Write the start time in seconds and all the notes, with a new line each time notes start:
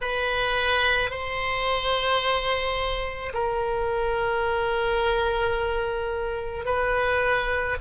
0.01 B4
1.10 C5
3.33 A#4
6.65 B4